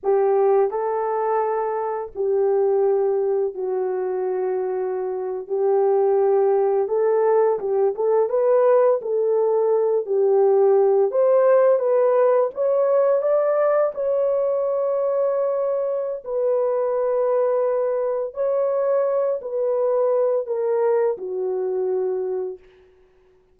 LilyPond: \new Staff \with { instrumentName = "horn" } { \time 4/4 \tempo 4 = 85 g'4 a'2 g'4~ | g'4 fis'2~ fis'8. g'16~ | g'4.~ g'16 a'4 g'8 a'8 b'16~ | b'8. a'4. g'4. c''16~ |
c''8. b'4 cis''4 d''4 cis''16~ | cis''2. b'4~ | b'2 cis''4. b'8~ | b'4 ais'4 fis'2 | }